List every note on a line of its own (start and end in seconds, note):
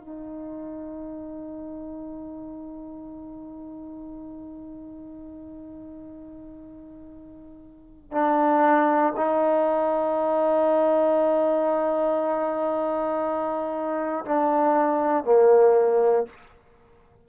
0.00 8.12 D#4
8.12 9.13 D4
9.16 14.25 D#4
14.25 15.24 D4
15.24 16.26 A#3